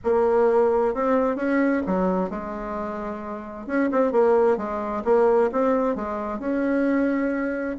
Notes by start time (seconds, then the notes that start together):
0.04 A#3
0.94 C4
1.36 C#4
1.86 F#3
2.30 G#3
3.66 C#4
3.91 C4
4.12 A#3
4.57 G#3
5.04 A#3
5.51 C4
5.95 G#3
6.39 C#4